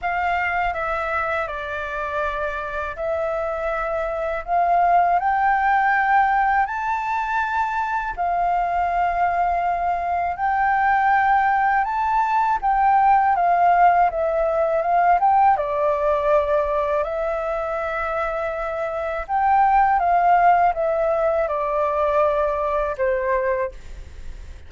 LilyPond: \new Staff \with { instrumentName = "flute" } { \time 4/4 \tempo 4 = 81 f''4 e''4 d''2 | e''2 f''4 g''4~ | g''4 a''2 f''4~ | f''2 g''2 |
a''4 g''4 f''4 e''4 | f''8 g''8 d''2 e''4~ | e''2 g''4 f''4 | e''4 d''2 c''4 | }